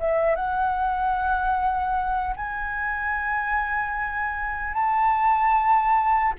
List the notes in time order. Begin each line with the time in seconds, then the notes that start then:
0.00 E5
0.36 F#5
2.36 G#5
4.73 A5